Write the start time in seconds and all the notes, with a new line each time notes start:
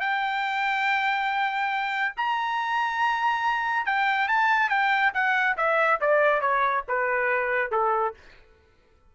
0.00 G5
2.16 A#5
3.86 G5
4.28 A5
4.69 G5
5.14 F#5
5.57 E5
6.00 D5
6.41 C#5
6.88 B4
7.71 A4